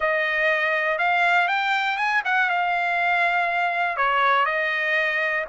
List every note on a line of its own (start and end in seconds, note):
0.00 0.98 D#5
0.98 1.47 F5
1.47 1.97 G5
1.97 2.22 G#5
2.24 2.49 F#5
2.49 3.96 F5
3.96 4.45 C#5
4.45 5.44 D#5